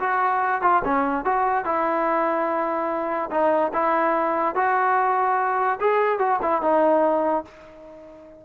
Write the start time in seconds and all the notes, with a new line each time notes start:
0.00 F#4
0.62 F4
0.85 C#4
1.25 F#4
1.65 E4
3.31 D#4
3.74 E4
4.56 F#4
5.81 G#4
6.19 F#4
6.43 E4
6.63 D#4